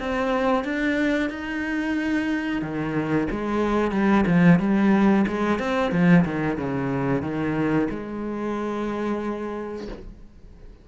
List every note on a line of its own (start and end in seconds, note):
0.00 0.65 C4
0.65 1.30 D4
1.30 2.62 D#4
2.62 3.28 D#3
3.31 3.92 G#3
3.92 4.25 G3
4.27 4.60 F3
4.60 5.26 G3
5.28 5.59 G#3
5.59 5.92 C4
5.92 6.25 F3
6.25 6.58 D#3
6.58 7.23 C#3
7.23 7.89 D#3
7.91 9.88 G#3